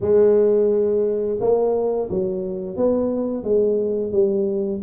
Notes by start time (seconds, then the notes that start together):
0.01 G#3
1.40 A#3
2.10 F#3
2.76 B3
3.43 G#3
4.12 G3